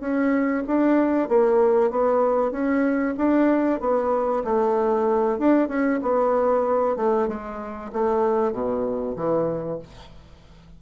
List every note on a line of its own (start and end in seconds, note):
0.00 0.63 C#4
0.67 1.28 D4
1.28 1.90 A#3
1.90 2.51 B3
2.51 3.15 C#4
3.17 3.80 D4
3.80 4.43 B3
4.44 5.39 A3
5.39 5.68 D4
5.68 6.00 C#4
6.02 6.96 B3
6.96 7.28 A3
7.28 7.91 G#3
7.93 8.52 A3
8.52 9.16 B2
9.16 9.79 E3